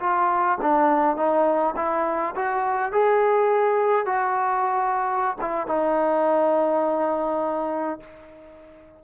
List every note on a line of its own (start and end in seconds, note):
0.00 0.58 F4
0.62 1.17 D4
1.17 1.75 D#4
1.76 2.35 E4
2.35 2.92 F#4
2.92 4.06 G#4
4.06 5.37 F#4
5.41 5.67 E4
5.67 8.00 D#4